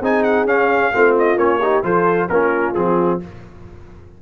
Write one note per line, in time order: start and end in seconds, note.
0.00 0.45 C4
0.00 0.47 D#4
0.00 0.91 G#4
0.00 0.23 G#5
0.23 0.46 F#5
0.45 0.90 C#4
0.45 0.93 C#4
0.45 1.16 F5
0.94 1.36 A3
0.94 1.37 C4
0.94 1.62 F4
1.18 1.38 D#5
1.36 1.81 A#3
1.36 1.60 C#4
1.36 1.84 C#5
1.62 1.83 D#4
1.62 1.84 G4
1.83 2.29 F3
1.83 2.28 F4
1.83 2.30 A4
1.83 2.29 C5
2.29 2.75 A#3
2.29 2.75 C#4
2.29 3.22 F4
2.29 2.74 A#4
2.74 3.21 F3
2.74 3.20 C4
2.74 3.20 G#4